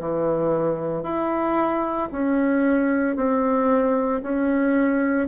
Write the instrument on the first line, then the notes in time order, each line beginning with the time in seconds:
bassoon
0.00 E3
1.03 E4
2.12 C#4
3.16 C4
4.23 C#4